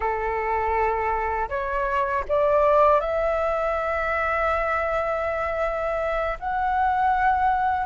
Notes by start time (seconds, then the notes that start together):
0.00 A4
1.49 C#5
2.28 D5
3.00 E5
6.39 F#5